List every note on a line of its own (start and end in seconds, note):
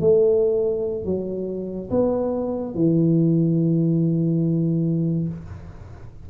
0.00 1.05 A3
1.05 1.90 F#3
1.91 2.75 B3
2.75 5.28 E3